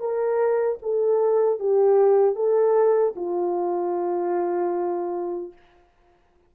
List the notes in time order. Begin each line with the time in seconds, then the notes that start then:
0.00 A#4
0.83 A4
1.60 G4
2.36 A4
3.16 F4